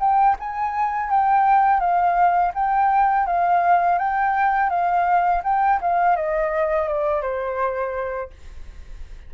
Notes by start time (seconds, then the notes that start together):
0.00 G5
0.40 G#5
1.10 G5
1.80 F5
2.54 G5
3.26 F5
3.99 G5
4.70 F5
5.44 G5
5.81 F5
6.16 D#5
6.88 D5
7.22 C5